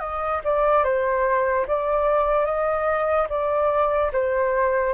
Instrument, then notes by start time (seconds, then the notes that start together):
flute
0.00 D#5
0.44 D5
0.84 C5
1.68 D5
2.45 D#5
3.30 D5
4.12 C5